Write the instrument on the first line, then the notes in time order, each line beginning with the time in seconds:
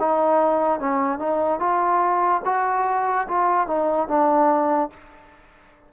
trombone
0.00 D#4
0.80 C#4
1.19 D#4
1.60 F4
2.45 F#4
3.28 F4
3.68 D#4
4.08 D4